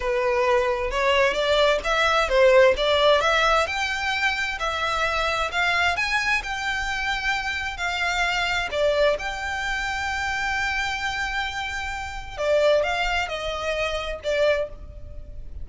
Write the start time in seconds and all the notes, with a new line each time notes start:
0.00 B4
0.90 C#5
1.33 D5
1.83 E5
2.28 C5
2.76 D5
3.20 E5
3.66 G5
4.59 E5
5.51 F5
5.96 G#5
6.43 G5
7.77 F5
8.71 D5
9.19 G5
12.37 D5
12.83 F5
13.28 D#5
14.23 D5